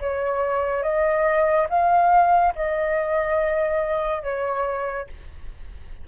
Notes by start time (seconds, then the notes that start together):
0.00 C#5
0.83 D#5
1.69 F5
2.55 D#5
4.23 C#5